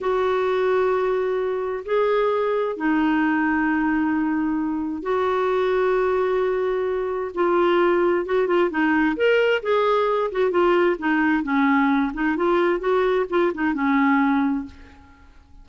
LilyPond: \new Staff \with { instrumentName = "clarinet" } { \time 4/4 \tempo 4 = 131 fis'1 | gis'2 dis'2~ | dis'2. fis'4~ | fis'1 |
f'2 fis'8 f'8 dis'4 | ais'4 gis'4. fis'8 f'4 | dis'4 cis'4. dis'8 f'4 | fis'4 f'8 dis'8 cis'2 | }